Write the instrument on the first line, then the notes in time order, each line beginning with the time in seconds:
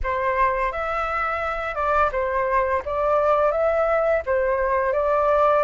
flute
0.03 C5
0.72 E5
1.75 D5
2.11 C5
2.85 D5
3.51 E5
4.26 C5
4.93 D5